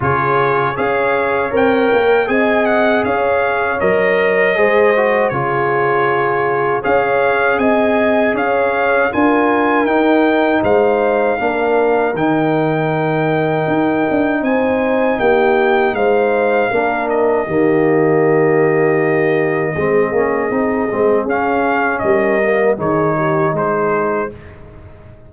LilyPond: <<
  \new Staff \with { instrumentName = "trumpet" } { \time 4/4 \tempo 4 = 79 cis''4 f''4 g''4 gis''8 fis''8 | f''4 dis''2 cis''4~ | cis''4 f''4 gis''4 f''4 | gis''4 g''4 f''2 |
g''2. gis''4 | g''4 f''4. dis''4.~ | dis''1 | f''4 dis''4 cis''4 c''4 | }
  \new Staff \with { instrumentName = "horn" } { \time 4/4 gis'4 cis''2 dis''4 | cis''2 c''4 gis'4~ | gis'4 cis''4 dis''4 cis''4 | ais'2 c''4 ais'4~ |
ais'2. c''4 | g'4 c''4 ais'4 g'4~ | g'2 gis'2~ | gis'4 ais'4 gis'8 g'8 gis'4 | }
  \new Staff \with { instrumentName = "trombone" } { \time 4/4 f'4 gis'4 ais'4 gis'4~ | gis'4 ais'4 gis'8 fis'8 f'4~ | f'4 gis'2. | f'4 dis'2 d'4 |
dis'1~ | dis'2 d'4 ais4~ | ais2 c'8 cis'8 dis'8 c'8 | cis'4. ais8 dis'2 | }
  \new Staff \with { instrumentName = "tuba" } { \time 4/4 cis4 cis'4 c'8 ais8 c'4 | cis'4 fis4 gis4 cis4~ | cis4 cis'4 c'4 cis'4 | d'4 dis'4 gis4 ais4 |
dis2 dis'8 d'8 c'4 | ais4 gis4 ais4 dis4~ | dis2 gis8 ais8 c'8 gis8 | cis'4 g4 dis4 gis4 | }
>>